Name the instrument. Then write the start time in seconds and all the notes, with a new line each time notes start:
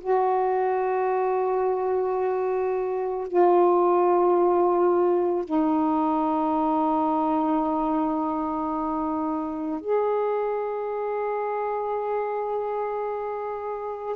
saxophone
0.00 F#4
3.27 F4
5.44 D#4
9.81 G#4